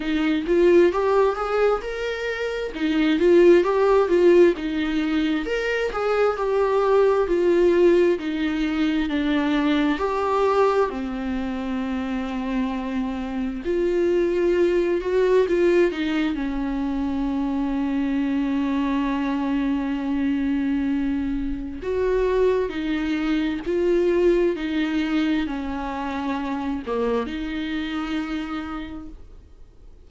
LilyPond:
\new Staff \with { instrumentName = "viola" } { \time 4/4 \tempo 4 = 66 dis'8 f'8 g'8 gis'8 ais'4 dis'8 f'8 | g'8 f'8 dis'4 ais'8 gis'8 g'4 | f'4 dis'4 d'4 g'4 | c'2. f'4~ |
f'8 fis'8 f'8 dis'8 cis'2~ | cis'1 | fis'4 dis'4 f'4 dis'4 | cis'4. ais8 dis'2 | }